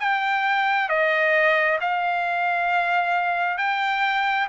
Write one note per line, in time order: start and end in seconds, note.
0.00 0.89 G5
0.89 1.79 D#5
1.81 3.58 F5
3.58 4.48 G5